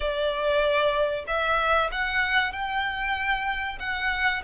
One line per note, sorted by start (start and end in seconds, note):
0.00 1.24 D5
1.27 1.90 E5
1.91 2.52 F#5
2.52 3.78 G5
3.79 4.42 F#5